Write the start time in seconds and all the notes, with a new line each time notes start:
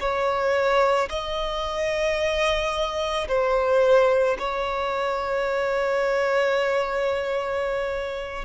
0.00 C#5
1.09 D#5
3.28 C5
4.39 C#5